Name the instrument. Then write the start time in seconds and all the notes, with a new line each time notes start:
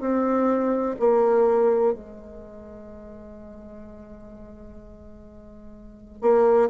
bassoon
0.00 C4
0.99 A#3
1.93 G#3
6.21 A#3